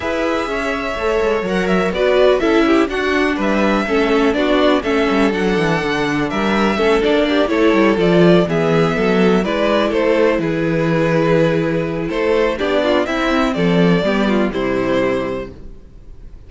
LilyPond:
<<
  \new Staff \with { instrumentName = "violin" } { \time 4/4 \tempo 4 = 124 e''2. fis''8 e''8 | d''4 e''4 fis''4 e''4~ | e''4 d''4 e''4 fis''4~ | fis''4 e''4. d''4 cis''8~ |
cis''8 d''4 e''2 d''8~ | d''8 c''4 b'2~ b'8~ | b'4 c''4 d''4 e''4 | d''2 c''2 | }
  \new Staff \with { instrumentName = "violin" } { \time 4/4 b'4 cis''2. | b'4 a'8 g'8 fis'4 b'4 | a'4 fis'4 a'2~ | a'4 ais'4 a'4 g'8 a'8~ |
a'4. gis'4 a'4 b'8~ | b'8 a'4 gis'2~ gis'8~ | gis'4 a'4 g'8 f'8 e'4 | a'4 g'8 f'8 e'2 | }
  \new Staff \with { instrumentName = "viola" } { \time 4/4 gis'2 a'4 ais'4 | fis'4 e'4 d'2 | cis'4 d'4 cis'4 d'4~ | d'2 cis'8 d'4 e'8~ |
e'8 f'4 b2 e'8~ | e'1~ | e'2 d'4 c'4~ | c'4 b4 g2 | }
  \new Staff \with { instrumentName = "cello" } { \time 4/4 e'4 cis'4 a8 gis8 fis4 | b4 cis'4 d'4 g4 | a4 b4 a8 g8 fis8 e8 | d4 g4 a8 ais4 a8 |
g8 f4 e4 fis4 gis8~ | gis8 a4 e2~ e8~ | e4 a4 b4 c'4 | f4 g4 c2 | }
>>